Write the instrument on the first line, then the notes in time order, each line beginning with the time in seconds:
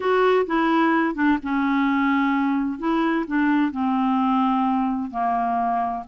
clarinet
0.00 F#4
0.46 E4
1.15 D4
1.42 C#4
2.78 E4
3.27 D4
3.71 C4
5.10 A#3